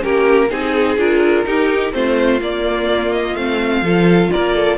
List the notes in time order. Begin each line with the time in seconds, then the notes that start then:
0.00 A#3 C#4 G4 A#4
0.50 C4 D#4 G#4
0.98 D4 F4 A#4
1.45 D#4 G4
1.92 A3 C4 F4 C5
2.41 A#3 D5
3.13 D#5
3.35 A3 C4 F5
3.82 F3 F4 A4
4.32 A#3 A#4 D5
4.55 A4